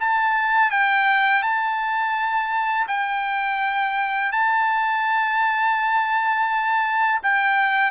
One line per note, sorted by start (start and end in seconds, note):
0.00 0.71 A5
0.71 1.42 G5
1.42 2.87 A5
2.88 4.32 G5
4.32 7.21 A5
7.23 7.91 G5